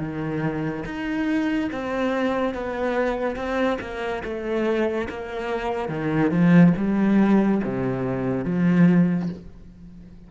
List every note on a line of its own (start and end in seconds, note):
0.00 0.85 D#3
0.86 1.70 D#4
1.72 2.54 C4
2.54 3.36 B3
3.36 3.79 C4
3.81 4.23 A#3
4.24 5.09 A3
5.10 5.89 A#3
5.89 6.31 D#3
6.31 6.73 F3
6.77 7.62 G3
7.64 8.45 C3
8.45 9.30 F3